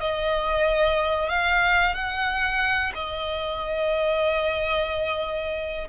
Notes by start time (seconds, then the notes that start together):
0.00 D#5
1.29 F5
1.94 F#5
2.94 D#5